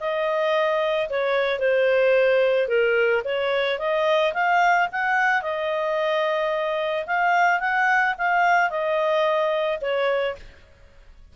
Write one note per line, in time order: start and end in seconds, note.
0.00 1.09 D#5
1.10 1.59 C#5
1.59 2.68 C5
2.68 3.22 A#4
3.25 3.79 C#5
3.79 4.33 D#5
4.34 4.88 F5
4.92 5.42 F#5
5.42 7.06 D#5
7.07 7.60 F5
7.60 8.15 F#5
8.18 8.70 F5
8.70 9.79 D#5
9.81 10.36 C#5